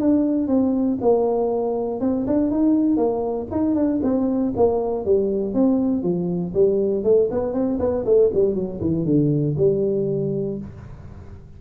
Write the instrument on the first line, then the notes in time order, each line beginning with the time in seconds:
tuba
0.00 D4
0.47 C4
1.01 A#3
2.01 C4
2.27 D4
2.51 D#4
2.97 A#3
3.51 D#4
3.75 D4
4.03 C4
4.57 A#3
5.05 G3
5.54 C4
6.03 F3
6.54 G3
7.04 A3
7.31 B3
7.53 C4
7.79 B3
8.05 A3
8.34 G3
8.55 F#3
8.81 E3
9.05 D3
9.57 G3